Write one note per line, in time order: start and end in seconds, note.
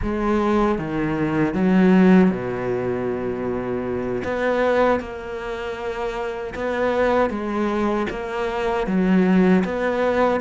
0.02 0.78 G#3
0.78 1.53 D#3
1.53 2.30 F#3
2.30 4.22 B2
4.23 5.00 B3
5.00 6.53 A#3
6.54 7.29 B3
7.29 8.06 G#3
8.09 8.86 A#3
8.86 9.63 F#3
9.64 10.40 B3